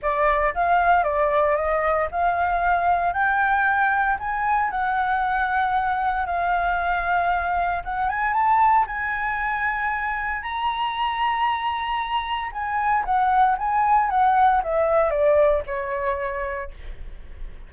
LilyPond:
\new Staff \with { instrumentName = "flute" } { \time 4/4 \tempo 4 = 115 d''4 f''4 d''4 dis''4 | f''2 g''2 | gis''4 fis''2. | f''2. fis''8 gis''8 |
a''4 gis''2. | ais''1 | gis''4 fis''4 gis''4 fis''4 | e''4 d''4 cis''2 | }